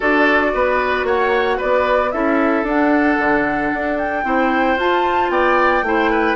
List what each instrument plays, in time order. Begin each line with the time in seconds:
0.00 bassoon D4, clarinet F#4, oboe A4, flute D5
0.53 bassoon B3, oboe B4
1.03 bassoon A#3, oboe C#5, flute F#5
1.57 bassoon B3, oboe B4, flute D5
2.11 bassoon C#4, clarinet E4, oboe A4, flute E5
2.63 bassoon D4, clarinet D4, flute F#5
3.18 bassoon D3
3.73 bassoon D4
3.98 flute G5
4.23 bassoon C4, clarinet E4, oboe C5
4.76 bassoon F4, clarinet F4, flute A5
5.29 bassoon B3, oboe D5, flute G5
5.81 bassoon A3, clarinet E4, oboe C5
6.10 oboe B4